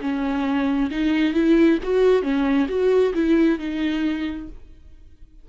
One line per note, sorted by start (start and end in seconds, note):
0.00 0.90 C#4
0.90 1.34 D#4
1.34 1.78 E4
1.83 2.22 F#4
2.22 2.67 C#4
2.68 3.13 F#4
3.13 3.58 E4
3.59 4.48 D#4